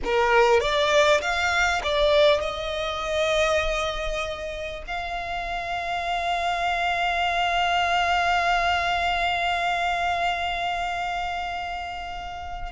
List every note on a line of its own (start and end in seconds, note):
0.04 0.60 A#4
0.60 1.21 D5
1.21 1.81 F5
1.83 2.40 D5
2.40 4.83 D#5
4.86 12.72 F5